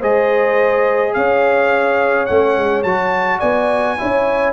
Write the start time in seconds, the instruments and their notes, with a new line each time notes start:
0.00 tuba G#3, trombone G#4, horn C5, trumpet D#5
1.14 tuba C#4, horn C#5, trumpet F5
2.26 tuba A3, trombone C#4, trumpet F#5
2.58 tuba G#3
2.83 tuba F#3, trombone F#4, trumpet A5
3.39 tuba B3, horn D5, trumpet G#5
3.98 tuba C#4, trombone E4, horn C#5